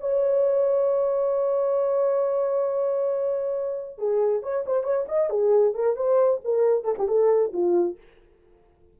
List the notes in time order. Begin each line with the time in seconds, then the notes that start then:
0.00 C#5
3.98 G#4
4.42 C#5
4.66 C5
4.83 C#5
5.08 D#5
5.29 G#4
5.74 A#4
5.96 C5
6.44 A#4
6.84 A4
6.98 G4
7.08 A4
7.53 F4